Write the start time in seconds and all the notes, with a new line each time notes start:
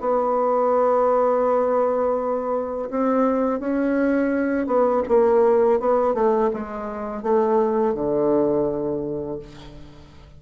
0.00 B3
2.90 C4
3.60 C#4
4.66 B3
5.08 A#3
5.79 B3
6.14 A3
6.53 G#3
7.22 A3
7.94 D3